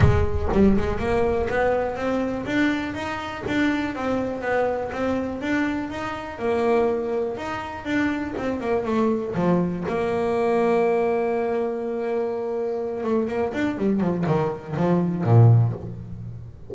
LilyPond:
\new Staff \with { instrumentName = "double bass" } { \time 4/4 \tempo 4 = 122 gis4 g8 gis8 ais4 b4 | c'4 d'4 dis'4 d'4 | c'4 b4 c'4 d'4 | dis'4 ais2 dis'4 |
d'4 c'8 ais8 a4 f4 | ais1~ | ais2~ ais8 a8 ais8 d'8 | g8 f8 dis4 f4 ais,4 | }